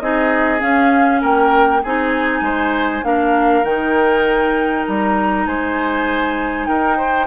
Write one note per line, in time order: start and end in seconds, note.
0.00 0.61 C4
0.00 0.59 D#4
0.00 1.21 G#4
0.00 0.61 D#5
0.59 1.80 C#4
0.59 1.23 C#4
0.59 1.22 F5
1.21 1.83 A#3
1.21 1.82 A#4
1.21 1.83 G5
1.83 2.41 C4
1.83 3.04 D#4
1.83 2.44 G#4
1.83 3.04 G#5
2.41 3.02 G#3
2.41 3.05 C5
3.04 3.63 A#3
3.04 3.64 D4
3.04 5.48 A#4
3.04 3.64 F5
3.63 4.84 D#3
3.63 7.27 D#4
3.63 4.85 G5
4.87 5.47 G3
4.87 5.47 A#5
5.47 6.68 G#3
5.47 6.68 C5
5.47 6.67 G#5
6.67 7.27 D#4
6.67 6.97 A#4
6.67 7.27 G5
6.97 7.27 C5